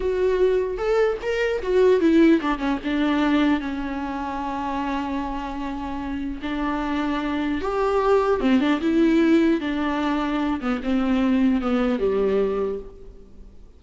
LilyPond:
\new Staff \with { instrumentName = "viola" } { \time 4/4 \tempo 4 = 150 fis'2 a'4 ais'4 | fis'4 e'4 d'8 cis'8 d'4~ | d'4 cis'2.~ | cis'1 |
d'2. g'4~ | g'4 c'8 d'8 e'2 | d'2~ d'8 b8 c'4~ | c'4 b4 g2 | }